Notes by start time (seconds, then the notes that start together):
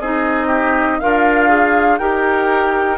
0.00 C4 D#4 G#4 D#5
0.47 G4
1.00 D4 F4 A#4 F5
1.49 G#4
1.98 D#4 G4 A#4 G5